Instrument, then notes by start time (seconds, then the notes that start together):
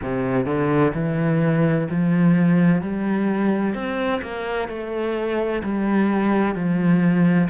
cello
0.02 C3
0.45 D3
0.94 E3
1.90 F3
2.81 G3
3.74 C4
4.22 A#3
4.68 A3
5.63 G3
6.54 F3